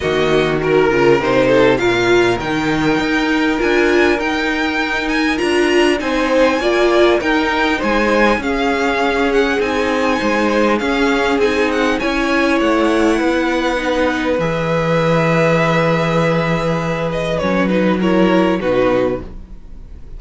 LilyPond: <<
  \new Staff \with { instrumentName = "violin" } { \time 4/4 \tempo 4 = 100 dis''4 ais'4 c''4 f''4 | g''2 gis''4 g''4~ | g''8 gis''8 ais''4 gis''2 | g''4 gis''4 f''4. fis''8 |
gis''2 f''4 gis''8 fis''8 | gis''4 fis''2. | e''1~ | e''8 dis''8 cis''8 b'8 cis''4 b'4 | }
  \new Staff \with { instrumentName = "violin" } { \time 4/4 fis'4 ais'4. a'8 ais'4~ | ais'1~ | ais'2 c''4 d''4 | ais'4 c''4 gis'2~ |
gis'4 c''4 gis'2 | cis''2 b'2~ | b'1~ | b'2 ais'4 fis'4 | }
  \new Staff \with { instrumentName = "viola" } { \time 4/4 ais4 fis'8 f'8 dis'4 f'4 | dis'2 f'4 dis'4~ | dis'4 f'4 dis'4 f'4 | dis'2 cis'2 |
dis'2 cis'4 dis'4 | e'2. dis'4 | gis'1~ | gis'4 cis'8 dis'8 e'4 dis'4 | }
  \new Staff \with { instrumentName = "cello" } { \time 4/4 dis4. cis8 c4 ais,4 | dis4 dis'4 d'4 dis'4~ | dis'4 d'4 c'4 ais4 | dis'4 gis4 cis'2 |
c'4 gis4 cis'4 c'4 | cis'4 a4 b2 | e1~ | e4 fis2 b,4 | }
>>